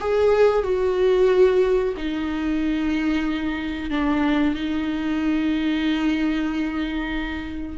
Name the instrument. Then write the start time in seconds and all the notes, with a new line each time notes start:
viola
0.00 G#4
0.63 F#4
1.97 D#4
3.90 D4
4.54 D#4